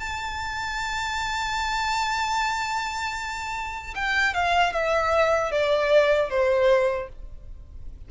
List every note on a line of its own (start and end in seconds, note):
0.00 3.95 A5
3.95 4.34 G5
4.34 4.73 F5
4.73 5.52 E5
5.52 6.30 D5
6.30 7.09 C5